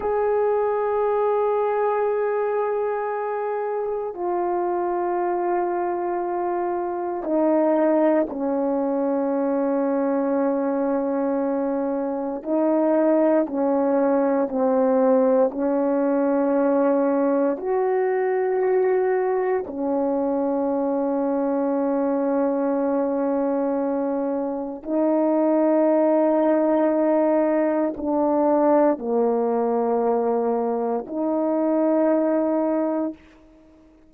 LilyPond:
\new Staff \with { instrumentName = "horn" } { \time 4/4 \tempo 4 = 58 gis'1 | f'2. dis'4 | cis'1 | dis'4 cis'4 c'4 cis'4~ |
cis'4 fis'2 cis'4~ | cis'1 | dis'2. d'4 | ais2 dis'2 | }